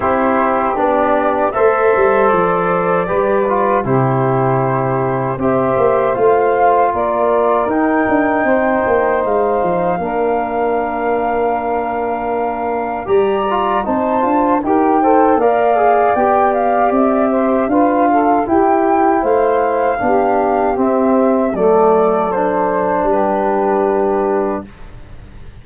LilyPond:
<<
  \new Staff \with { instrumentName = "flute" } { \time 4/4 \tempo 4 = 78 c''4 d''4 e''4 d''4~ | d''4 c''2 e''4 | f''4 d''4 g''2 | f''1~ |
f''4 ais''4 a''4 g''4 | f''4 g''8 f''8 e''4 f''4 | g''4 f''2 e''4 | d''4 c''4 b'2 | }
  \new Staff \with { instrumentName = "saxophone" } { \time 4/4 g'2 c''2 | b'4 g'2 c''4~ | c''4 ais'2 c''4~ | c''4 ais'2.~ |
ais'4 d''4 c''4 ais'8 c''8 | d''2~ d''8 c''8 b'8 a'8 | g'4 c''4 g'2 | a'2 g'2 | }
  \new Staff \with { instrumentName = "trombone" } { \time 4/4 e'4 d'4 a'2 | g'8 f'8 e'2 g'4 | f'2 dis'2~ | dis'4 d'2.~ |
d'4 g'8 f'8 dis'8 f'8 g'8 a'8 | ais'8 gis'8 g'2 f'4 | e'2 d'4 c'4 | a4 d'2. | }
  \new Staff \with { instrumentName = "tuba" } { \time 4/4 c'4 b4 a8 g8 f4 | g4 c2 c'8 ais8 | a4 ais4 dis'8 d'8 c'8 ais8 | gis8 f8 ais2.~ |
ais4 g4 c'8 d'8 dis'4 | ais4 b4 c'4 d'4 | e'4 a4 b4 c'4 | fis2 g2 | }
>>